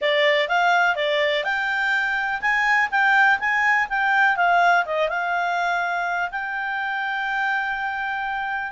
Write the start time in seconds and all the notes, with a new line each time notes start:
0.01 D5
0.48 F5
0.95 D5
1.44 G5
2.41 G#5
2.90 G5
3.39 G#5
3.89 G5
4.36 F5
4.85 D#5
5.09 F5
6.31 G5